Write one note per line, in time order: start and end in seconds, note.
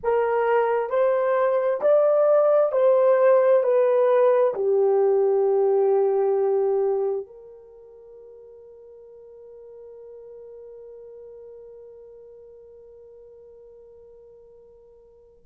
0.03 0.89 A#4
0.89 1.80 C5
1.81 2.72 D5
2.72 3.63 C5
3.63 4.54 B4
4.54 7.26 G4
7.26 15.44 A#4